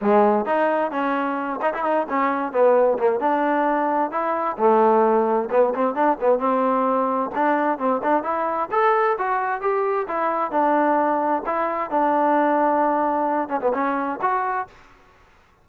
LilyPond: \new Staff \with { instrumentName = "trombone" } { \time 4/4 \tempo 4 = 131 gis4 dis'4 cis'4. dis'16 e'16 | dis'8 cis'4 b4 ais8 d'4~ | d'4 e'4 a2 | b8 c'8 d'8 b8 c'2 |
d'4 c'8 d'8 e'4 a'4 | fis'4 g'4 e'4 d'4~ | d'4 e'4 d'2~ | d'4. cis'16 b16 cis'4 fis'4 | }